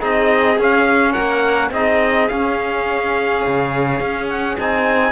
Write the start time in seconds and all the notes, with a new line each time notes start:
0.00 C4 D#4 G#4 D#5
0.58 C#4 F5
1.12 A#3 A#4 F#5
1.71 C4 D#4 G#4 D#5
2.29 C#4 F5
3.47 C#3
4.00 C#4
4.30 F#5
4.59 C4 D#4 G#5